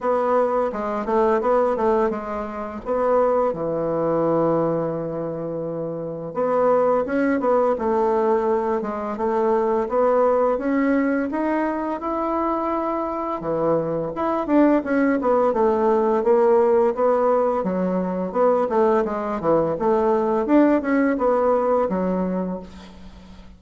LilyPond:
\new Staff \with { instrumentName = "bassoon" } { \time 4/4 \tempo 4 = 85 b4 gis8 a8 b8 a8 gis4 | b4 e2.~ | e4 b4 cis'8 b8 a4~ | a8 gis8 a4 b4 cis'4 |
dis'4 e'2 e4 | e'8 d'8 cis'8 b8 a4 ais4 | b4 fis4 b8 a8 gis8 e8 | a4 d'8 cis'8 b4 fis4 | }